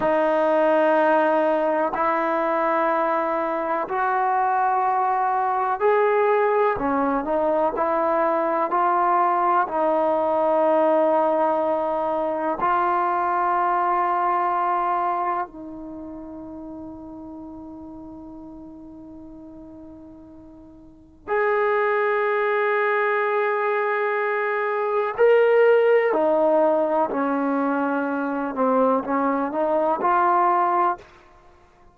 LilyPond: \new Staff \with { instrumentName = "trombone" } { \time 4/4 \tempo 4 = 62 dis'2 e'2 | fis'2 gis'4 cis'8 dis'8 | e'4 f'4 dis'2~ | dis'4 f'2. |
dis'1~ | dis'2 gis'2~ | gis'2 ais'4 dis'4 | cis'4. c'8 cis'8 dis'8 f'4 | }